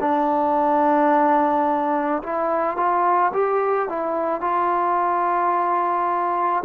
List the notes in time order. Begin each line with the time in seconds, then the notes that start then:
0.00 D4
2.23 E4
2.77 F4
3.33 G4
3.89 E4
4.41 F4